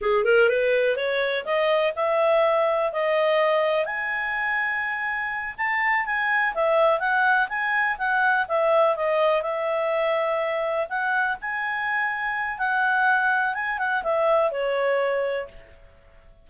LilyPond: \new Staff \with { instrumentName = "clarinet" } { \time 4/4 \tempo 4 = 124 gis'8 ais'8 b'4 cis''4 dis''4 | e''2 dis''2 | gis''2.~ gis''8 a''8~ | a''8 gis''4 e''4 fis''4 gis''8~ |
gis''8 fis''4 e''4 dis''4 e''8~ | e''2~ e''8 fis''4 gis''8~ | gis''2 fis''2 | gis''8 fis''8 e''4 cis''2 | }